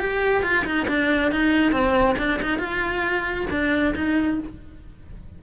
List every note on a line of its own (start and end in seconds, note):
0.00 0.43 G4
0.43 0.65 F4
0.65 0.87 D#4
0.88 1.32 D4
1.32 1.72 D#4
1.72 2.16 C4
2.18 2.40 D4
2.42 2.59 D#4
2.59 3.46 F4
3.51 3.94 D4
3.96 4.39 D#4